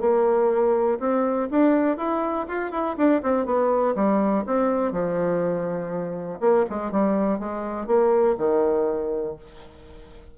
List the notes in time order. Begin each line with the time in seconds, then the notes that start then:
0.00 A#3
0.99 C4
1.50 D4
1.97 E4
2.48 F4
2.71 E4
2.97 D4
3.22 C4
3.45 B3
3.95 G3
4.46 C4
4.92 F3
6.40 A#3
6.69 G#3
6.91 G3
7.39 G#3
7.86 A#3
8.37 D#3